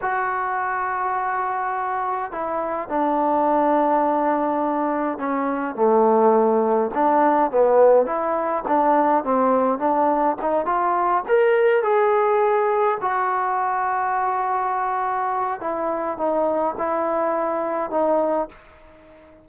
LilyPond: \new Staff \with { instrumentName = "trombone" } { \time 4/4 \tempo 4 = 104 fis'1 | e'4 d'2.~ | d'4 cis'4 a2 | d'4 b4 e'4 d'4 |
c'4 d'4 dis'8 f'4 ais'8~ | ais'8 gis'2 fis'4.~ | fis'2. e'4 | dis'4 e'2 dis'4 | }